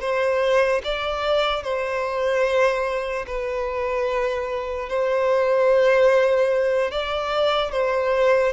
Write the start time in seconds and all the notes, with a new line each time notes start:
0.00 C5
0.84 D5
1.63 C5
3.27 B4
4.89 C5
6.91 D5
7.71 C5